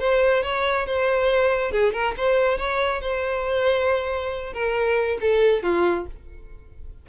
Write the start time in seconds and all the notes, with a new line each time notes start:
0.00 C5
0.43 C#5
0.87 C5
1.72 G#4
1.93 A#4
2.18 C5
2.58 C#5
3.02 C5
4.54 A#4
5.21 A4
5.63 F4